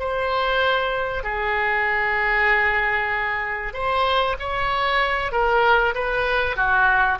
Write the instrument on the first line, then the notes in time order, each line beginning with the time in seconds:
oboe
0.00 C5
1.24 G#4
3.74 C5
4.40 C#5
5.32 A#4
5.95 B4
6.57 F#4